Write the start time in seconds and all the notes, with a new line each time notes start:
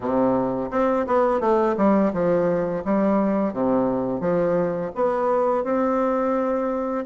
0.00 C3
0.70 C4
1.06 B3
1.40 A3
1.76 G3
2.13 F3
2.84 G3
3.53 C3
4.20 F3
4.95 B3
5.64 C4